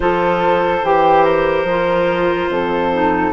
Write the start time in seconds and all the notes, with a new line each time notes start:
0.00 F3 F4 A4 C5
0.82 E3 G4
1.24 A#4
1.64 F3 F4
2.49 F2 A4
2.92 D#4